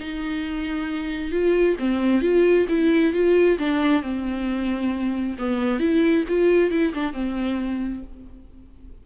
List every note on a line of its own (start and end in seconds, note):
0.00 1.32 D#4
1.32 1.77 F4
1.80 2.22 C4
2.22 2.67 F4
2.69 3.13 E4
3.13 3.58 F4
3.59 4.03 D4
4.03 5.37 C4
5.38 5.80 B3
5.80 6.24 E4
6.28 6.71 F4
6.71 6.93 E4
6.94 7.13 D4
7.13 8.03 C4